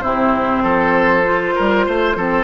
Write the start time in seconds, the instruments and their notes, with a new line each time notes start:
0.00 bassoon C3, clarinet C4, oboe E4, flute C5
0.62 bassoon F3, oboe A4
1.24 clarinet F4
1.55 bassoon G3, oboe A#4
1.86 bassoon A3, oboe C5
2.15 bassoon F3, clarinet C4, oboe A4